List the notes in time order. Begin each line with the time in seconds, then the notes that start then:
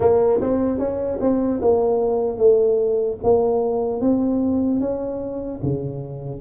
0.00 A#3
0.40 C4
0.79 C#4
1.20 C4
1.61 A#3
2.37 A3
3.23 A#3
4.00 C4
4.80 C#4
5.62 C#3